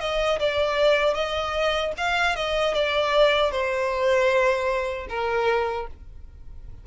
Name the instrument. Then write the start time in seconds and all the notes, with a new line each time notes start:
violin
0.00 D#5
0.39 D5
1.14 D#5
1.97 F5
2.36 D#5
2.74 D5
3.51 C5
5.09 A#4